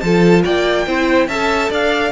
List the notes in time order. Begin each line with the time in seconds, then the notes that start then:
0.00 F3 F4 A4 A5
0.44 A#3 D5 G5
0.87 C4 E4 C5
1.28 C#4 A4 E5 A5
1.70 D4 D5 F5